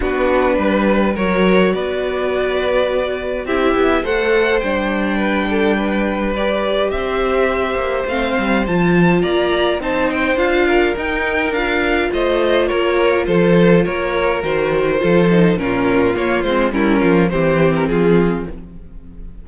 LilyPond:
<<
  \new Staff \with { instrumentName = "violin" } { \time 4/4 \tempo 4 = 104 b'2 cis''4 d''4~ | d''2 e''4 fis''4 | g''2. d''4 | e''2 f''4 a''4 |
ais''4 a''8 g''8 f''4 g''4 | f''4 dis''4 cis''4 c''4 | cis''4 c''2 ais'4 | cis''8 c''8 ais'4 c''8. ais'16 gis'4 | }
  \new Staff \with { instrumentName = "violin" } { \time 4/4 fis'4 b'4 ais'4 b'4~ | b'2 g'4 c''4~ | c''4 b'8 a'8 b'2 | c''1 |
d''4 c''4. ais'4.~ | ais'4 c''4 ais'4 a'4 | ais'2 a'4 f'4~ | f'4 e'8 f'8 g'4 f'4 | }
  \new Staff \with { instrumentName = "viola" } { \time 4/4 d'2 fis'2~ | fis'2 e'4 a'4 | d'2. g'4~ | g'2 c'4 f'4~ |
f'4 dis'4 f'4 dis'4 | f'1~ | f'4 fis'4 f'8 dis'8 cis'4 | ais8 c'8 cis'4 c'2 | }
  \new Staff \with { instrumentName = "cello" } { \time 4/4 b4 g4 fis4 b4~ | b2 c'8 b8 a4 | g1 | c'4. ais8 a8 g8 f4 |
ais4 c'4 d'4 dis'4 | d'4 a4 ais4 f4 | ais4 dis4 f4 ais,4 | ais8 gis8 g8 f8 e4 f4 | }
>>